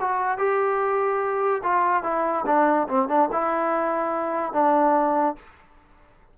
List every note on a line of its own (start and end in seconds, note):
0.00 0.38 F#4
0.38 1.62 G4
1.63 2.03 F4
2.03 2.45 E4
2.46 2.88 D4
2.89 3.08 C4
3.08 3.29 D4
3.32 4.53 E4
4.53 5.36 D4